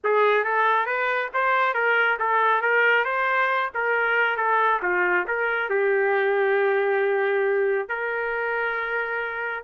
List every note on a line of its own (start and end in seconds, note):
0.03 0.44 G#4
0.44 0.86 A4
0.86 1.29 B4
1.33 1.74 C5
1.74 2.17 A#4
2.19 2.61 A4
2.61 3.04 A#4
3.04 3.70 C5
3.74 4.36 A#4
4.36 4.80 A4
4.82 5.26 F4
5.27 5.69 A#4
5.69 7.88 G4
7.88 9.63 A#4